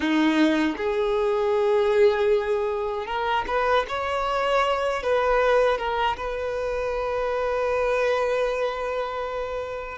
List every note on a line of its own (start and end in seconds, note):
0.00 0.76 D#4
0.77 3.06 G#4
3.06 3.44 A#4
3.47 3.85 B4
3.88 5.02 C#5
5.02 5.78 B4
5.78 6.16 A#4
6.16 9.98 B4